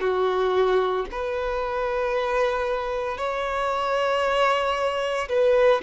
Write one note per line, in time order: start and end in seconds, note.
0.00 1.05 F#4
1.11 3.17 B4
3.17 5.28 C#5
5.29 5.81 B4